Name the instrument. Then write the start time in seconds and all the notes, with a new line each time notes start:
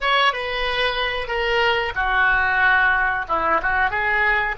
oboe
0.01 C#5
0.32 B4
1.27 A#4
1.95 F#4
3.28 E4
3.62 F#4
3.90 G#4